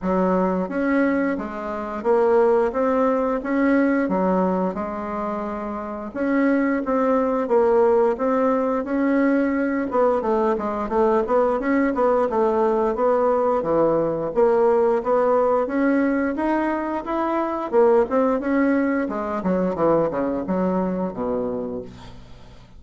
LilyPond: \new Staff \with { instrumentName = "bassoon" } { \time 4/4 \tempo 4 = 88 fis4 cis'4 gis4 ais4 | c'4 cis'4 fis4 gis4~ | gis4 cis'4 c'4 ais4 | c'4 cis'4. b8 a8 gis8 |
a8 b8 cis'8 b8 a4 b4 | e4 ais4 b4 cis'4 | dis'4 e'4 ais8 c'8 cis'4 | gis8 fis8 e8 cis8 fis4 b,4 | }